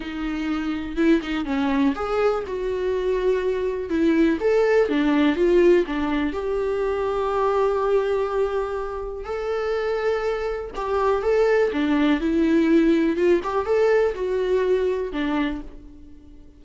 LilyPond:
\new Staff \with { instrumentName = "viola" } { \time 4/4 \tempo 4 = 123 dis'2 e'8 dis'8 cis'4 | gis'4 fis'2. | e'4 a'4 d'4 f'4 | d'4 g'2.~ |
g'2. a'4~ | a'2 g'4 a'4 | d'4 e'2 f'8 g'8 | a'4 fis'2 d'4 | }